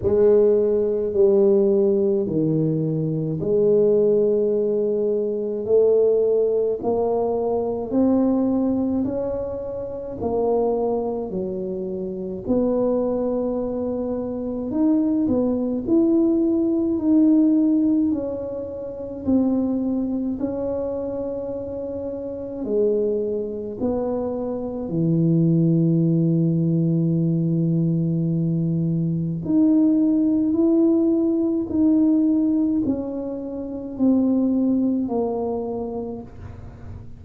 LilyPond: \new Staff \with { instrumentName = "tuba" } { \time 4/4 \tempo 4 = 53 gis4 g4 dis4 gis4~ | gis4 a4 ais4 c'4 | cis'4 ais4 fis4 b4~ | b4 dis'8 b8 e'4 dis'4 |
cis'4 c'4 cis'2 | gis4 b4 e2~ | e2 dis'4 e'4 | dis'4 cis'4 c'4 ais4 | }